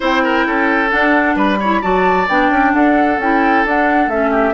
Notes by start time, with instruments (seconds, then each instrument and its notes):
0.00 bassoon C4, clarinet E4, oboe C5, flute G5
0.23 oboe A#4
0.46 bassoon C#4, oboe A4
0.90 clarinet D4, bassoon D4, flute F#5
1.35 bassoon G3, oboe B4, flute B5
1.59 clarinet E4, oboe C#5
1.81 bassoon F#3, clarinet F#4, oboe D5, flute A5
2.28 bassoon B3, clarinet D4, flute G5
2.49 bassoon C#4
2.74 bassoon D4, oboe A4, flute F#5
3.18 bassoon C#4, clarinet E4, flute G5
3.65 bassoon D4, clarinet D4, flute F#5
4.07 bassoon A3, clarinet C#4, flute E5
4.30 oboe G4